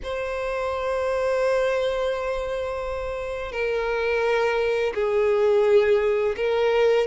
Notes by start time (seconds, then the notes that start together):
0.03 C5
3.52 A#4
4.94 G#4
6.36 A#4